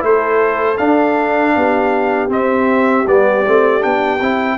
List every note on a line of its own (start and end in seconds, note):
0.00 0.79 A3
0.00 0.76 E4
0.00 1.56 A4
0.00 0.78 C5
0.78 1.55 D4
0.78 2.29 D4
0.78 2.30 F5
1.56 2.29 B3
1.56 4.58 G4
2.29 3.05 C4
2.29 3.08 E5
3.07 3.45 G3
3.07 3.46 B3
3.07 3.83 D5
3.46 3.85 A3
3.46 3.80 C4
3.80 4.21 B3
3.80 4.18 D4
3.80 4.58 G5
4.21 4.58 C4
4.21 4.58 E4